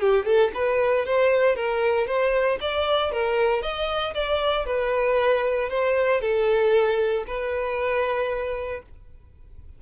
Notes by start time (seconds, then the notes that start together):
0.00 G4
0.25 A4
0.54 B4
1.06 C5
1.56 A#4
2.07 C5
2.61 D5
3.12 A#4
3.62 D#5
4.14 D5
4.66 B4
5.69 C5
6.21 A4
7.27 B4